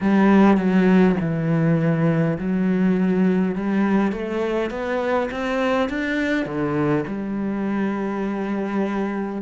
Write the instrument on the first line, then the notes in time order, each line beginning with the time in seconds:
cello
0.01 G3
0.57 F#3
1.20 E3
2.38 F#3
3.55 G3
4.12 A3
4.70 B3
5.30 C4
5.89 D4
6.45 D3
7.07 G3